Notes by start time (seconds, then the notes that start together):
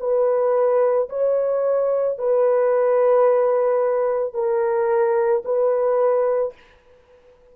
0.00 B4
1.10 C#5
2.19 B4
4.34 A#4
5.45 B4